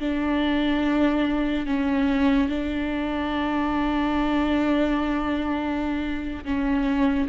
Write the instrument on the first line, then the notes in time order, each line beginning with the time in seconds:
viola
0.00 D4
1.66 C#4
2.48 D4
6.45 C#4